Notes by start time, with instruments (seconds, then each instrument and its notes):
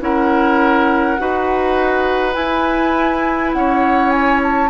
0.00 bassoon C#4, clarinet E4, oboe A#4, flute F#5
1.18 bassoon D#4, clarinet F#4, oboe B4
2.33 clarinet E4, bassoon E4, flute G#5
3.52 bassoon C#4, oboe C#5, flute F#5
4.10 flute G#5
4.43 flute A5